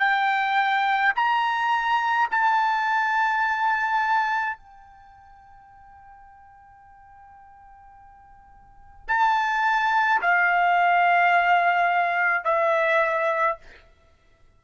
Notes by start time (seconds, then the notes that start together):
0.00 G5
1.16 A#5
2.32 A5
4.57 G5
9.09 A5
10.22 F5
12.45 E5